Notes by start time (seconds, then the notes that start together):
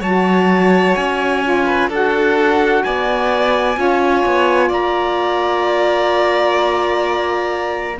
0.00 F#3 F#4 C#5 A5
0.95 C#4 G#5
1.44 F4
1.66 B4
1.88 D4 F#4 A4 F#5
2.83 B3 D5 G#5
3.74 C#4 F4 C#5
4.25 B3
4.68 A#3 D5 A#5